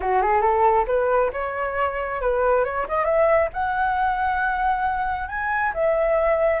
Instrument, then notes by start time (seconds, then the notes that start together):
flute
0.00 F#4
0.22 G#4
0.41 A4
0.87 B4
1.32 C#5
2.21 B4
2.64 C#5
2.88 D#5
3.04 E5
3.53 F#5
5.28 G#5
5.74 E5